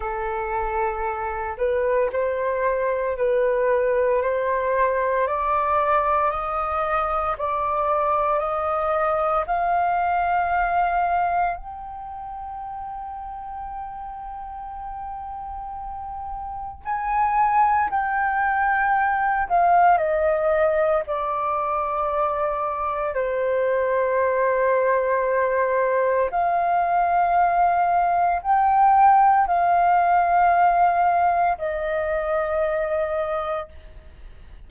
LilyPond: \new Staff \with { instrumentName = "flute" } { \time 4/4 \tempo 4 = 57 a'4. b'8 c''4 b'4 | c''4 d''4 dis''4 d''4 | dis''4 f''2 g''4~ | g''1 |
gis''4 g''4. f''8 dis''4 | d''2 c''2~ | c''4 f''2 g''4 | f''2 dis''2 | }